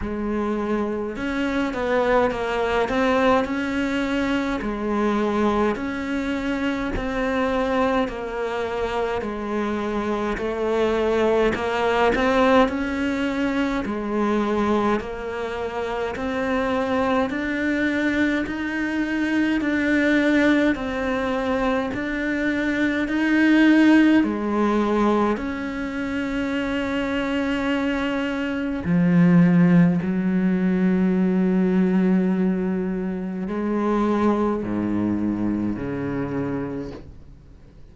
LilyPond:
\new Staff \with { instrumentName = "cello" } { \time 4/4 \tempo 4 = 52 gis4 cis'8 b8 ais8 c'8 cis'4 | gis4 cis'4 c'4 ais4 | gis4 a4 ais8 c'8 cis'4 | gis4 ais4 c'4 d'4 |
dis'4 d'4 c'4 d'4 | dis'4 gis4 cis'2~ | cis'4 f4 fis2~ | fis4 gis4 gis,4 cis4 | }